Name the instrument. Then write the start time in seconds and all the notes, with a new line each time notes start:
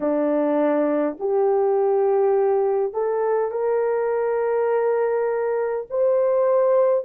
horn
0.00 D4
1.19 G4
2.93 A4
3.51 A#4
5.89 C5